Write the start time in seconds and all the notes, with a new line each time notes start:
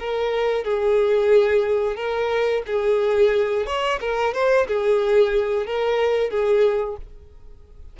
0.00 A#4
0.65 G#4
1.96 A#4
2.67 G#4
3.66 C#5
4.01 A#4
4.34 C5
4.68 G#4
5.67 A#4
6.31 G#4